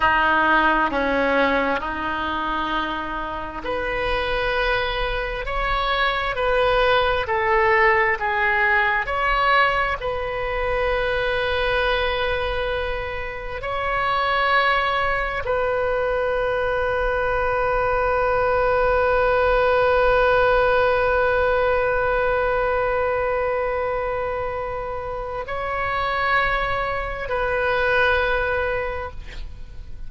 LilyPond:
\new Staff \with { instrumentName = "oboe" } { \time 4/4 \tempo 4 = 66 dis'4 cis'4 dis'2 | b'2 cis''4 b'4 | a'4 gis'4 cis''4 b'4~ | b'2. cis''4~ |
cis''4 b'2.~ | b'1~ | b'1 | cis''2 b'2 | }